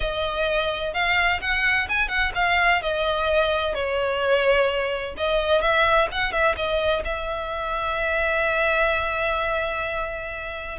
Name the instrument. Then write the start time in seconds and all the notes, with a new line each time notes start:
violin
0.00 D#5
0.93 F5
1.41 F#5
1.88 G#5
2.08 F#5
2.35 F5
2.82 D#5
3.74 C#5
5.17 D#5
5.61 E5
6.11 F#5
6.32 E5
6.56 D#5
7.04 E5